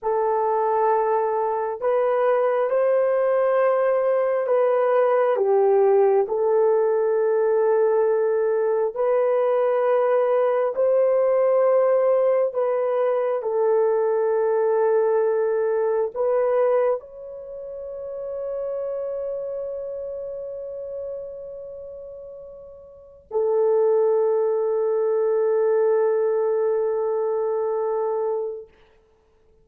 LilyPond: \new Staff \with { instrumentName = "horn" } { \time 4/4 \tempo 4 = 67 a'2 b'4 c''4~ | c''4 b'4 g'4 a'4~ | a'2 b'2 | c''2 b'4 a'4~ |
a'2 b'4 cis''4~ | cis''1~ | cis''2 a'2~ | a'1 | }